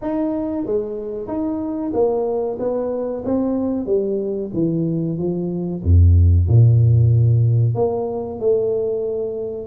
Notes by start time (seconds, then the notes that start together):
0.01 D#4
0.65 G#3
1.27 D#4
1.93 A#3
2.59 B3
3.24 C4
3.86 G3
4.53 E3
5.18 F3
5.83 F2
6.48 A#2
7.74 A#3
8.39 A3